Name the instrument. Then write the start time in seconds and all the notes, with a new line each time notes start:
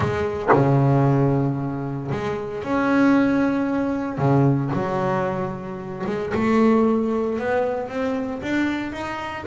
double bass
0.00 G#3
0.52 C#3
2.11 G#3
2.63 C#4
4.18 C#3
4.73 F#3
6.06 G#3
6.34 A3
7.38 B3
7.89 C4
8.42 D4
8.92 D#4